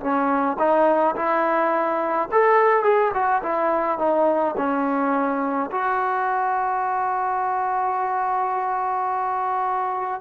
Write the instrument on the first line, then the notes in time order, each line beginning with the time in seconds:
trombone
0.00 C#4
0.59 D#4
1.15 E4
2.32 A4
2.83 G#4
3.14 F#4
3.43 E4
3.98 D#4
4.57 C#4
5.71 F#4